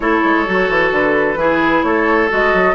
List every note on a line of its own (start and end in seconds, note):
0.00 0.21 A3
0.00 0.45 E4
0.00 1.39 A4
0.00 0.92 C#5
0.24 0.47 G#3
0.45 0.69 F#3
0.45 1.38 F#4
0.69 0.91 E3
0.91 1.36 D3
0.91 1.83 B4
1.36 1.82 E3
1.36 2.29 E4
1.36 1.85 G#4
1.83 2.29 A3
1.83 2.75 A4
1.83 2.29 C#5
2.29 2.53 G#3
2.29 2.75 F#4
2.29 2.75 D#5
2.53 2.75 F#3